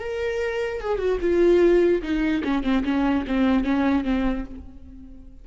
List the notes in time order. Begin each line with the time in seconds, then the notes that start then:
0.00 A#4
0.81 G#4
0.99 F#4
1.21 F4
2.03 D#4
2.44 C#4
2.64 C4
2.85 C#4
3.27 C4
3.64 C#4
4.04 C4